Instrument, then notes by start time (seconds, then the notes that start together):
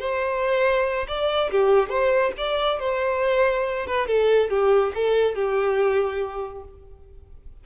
violin
0.00 C5
1.08 D5
1.51 G4
1.90 C5
2.38 D5
2.80 C5
3.87 B4
4.07 A4
4.50 G4
4.95 A4
5.36 G4